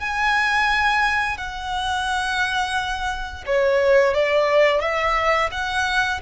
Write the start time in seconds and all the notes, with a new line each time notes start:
0.00 G#5
1.38 F#5
3.46 C#5
4.14 D5
4.81 E5
5.52 F#5